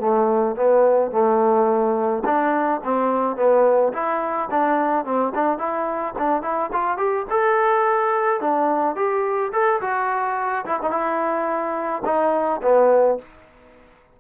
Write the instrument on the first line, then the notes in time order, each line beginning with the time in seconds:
trombone
0.00 A3
0.56 B3
1.11 A3
2.25 D4
2.84 C4
3.36 B3
3.93 E4
4.51 D4
5.05 C4
5.35 D4
5.58 E4
6.18 D4
6.42 E4
6.73 F4
6.98 G4
7.30 A4
8.41 D4
8.96 G4
9.53 A4
9.81 F#4
10.65 E4
10.82 D#4
10.91 E4
12.05 D#4
12.62 B3